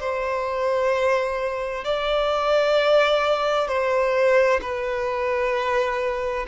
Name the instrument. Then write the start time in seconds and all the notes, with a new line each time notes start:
violin
0.00 C5
1.85 D5
3.68 C5
4.62 B4